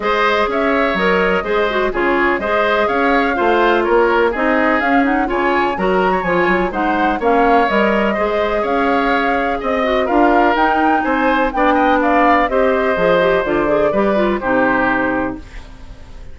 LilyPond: <<
  \new Staff \with { instrumentName = "flute" } { \time 4/4 \tempo 4 = 125 dis''4 e''4 dis''2 | cis''4 dis''4 f''2 | cis''4 dis''4 f''8 fis''8 gis''4 | ais''4 gis''4 fis''4 f''4 |
dis''2 f''2 | dis''4 f''4 g''4 gis''4 | g''4 f''4 dis''2 | d''2 c''2 | }
  \new Staff \with { instrumentName = "oboe" } { \time 4/4 c''4 cis''2 c''4 | gis'4 c''4 cis''4 c''4 | ais'4 gis'2 cis''4 | ais'8. cis''4~ cis''16 c''4 cis''4~ |
cis''4 c''4 cis''2 | dis''4 ais'2 c''4 | d''8 dis''8 d''4 c''2~ | c''4 b'4 g'2 | }
  \new Staff \with { instrumentName = "clarinet" } { \time 4/4 gis'2 ais'4 gis'8 fis'8 | f'4 gis'2 f'4~ | f'4 dis'4 cis'8 dis'8 f'4 | fis'4 f'4 dis'4 cis'4 |
ais'4 gis'2.~ | gis'8 fis'8 f'4 dis'2 | d'2 g'4 gis'8 g'8 | f'8 gis'8 g'8 f'8 dis'2 | }
  \new Staff \with { instrumentName = "bassoon" } { \time 4/4 gis4 cis'4 fis4 gis4 | cis4 gis4 cis'4 a4 | ais4 c'4 cis'4 cis4 | fis4 f8 fis8 gis4 ais4 |
g4 gis4 cis'2 | c'4 d'4 dis'4 c'4 | b2 c'4 f4 | d4 g4 c2 | }
>>